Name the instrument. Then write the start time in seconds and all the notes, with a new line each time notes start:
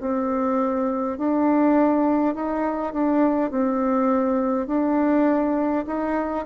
bassoon
0.00 C4
1.18 D4
2.35 D#4
2.93 D4
3.51 C4
4.67 D4
5.87 D#4